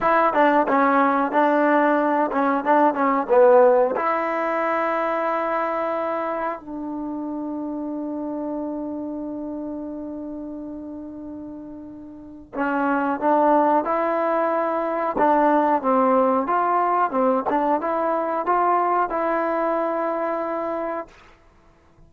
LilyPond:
\new Staff \with { instrumentName = "trombone" } { \time 4/4 \tempo 4 = 91 e'8 d'8 cis'4 d'4. cis'8 | d'8 cis'8 b4 e'2~ | e'2 d'2~ | d'1~ |
d'2. cis'4 | d'4 e'2 d'4 | c'4 f'4 c'8 d'8 e'4 | f'4 e'2. | }